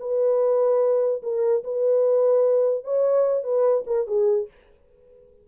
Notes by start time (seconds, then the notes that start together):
0.00 B4
1.23 A#4
1.64 B4
2.84 C#5
3.43 B4
3.87 A#4
4.07 G#4